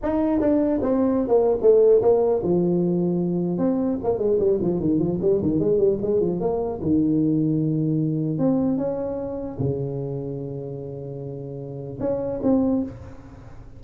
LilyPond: \new Staff \with { instrumentName = "tuba" } { \time 4/4 \tempo 4 = 150 dis'4 d'4 c'4~ c'16 ais8. | a4 ais4 f2~ | f4 c'4 ais8 gis8 g8 f8 | dis8 f8 g8 dis8 gis8 g8 gis8 f8 |
ais4 dis2.~ | dis4 c'4 cis'2 | cis1~ | cis2 cis'4 c'4 | }